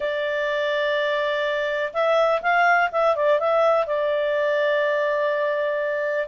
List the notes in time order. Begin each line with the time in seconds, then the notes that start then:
0.00 D5
1.93 E5
2.42 F5
2.91 E5
3.15 D5
3.39 E5
3.86 D5